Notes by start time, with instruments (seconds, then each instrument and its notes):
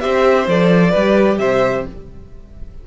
0.00 cello C4, viola G4, violin C5 E5
0.47 cello F3, viola A4, violin D5
0.90 cello G3, viola G4, violin B4
1.38 cello C3, violin C5 E5